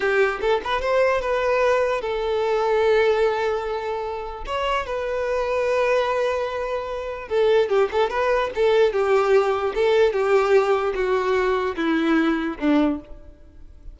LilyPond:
\new Staff \with { instrumentName = "violin" } { \time 4/4 \tempo 4 = 148 g'4 a'8 b'8 c''4 b'4~ | b'4 a'2.~ | a'2. cis''4 | b'1~ |
b'2 a'4 g'8 a'8 | b'4 a'4 g'2 | a'4 g'2 fis'4~ | fis'4 e'2 d'4 | }